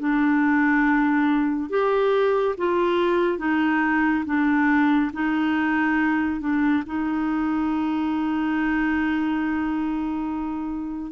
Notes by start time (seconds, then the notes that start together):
0.00 D4
1.70 G4
2.58 F4
3.39 D#4
4.26 D4
5.14 D#4
6.41 D4
6.87 D#4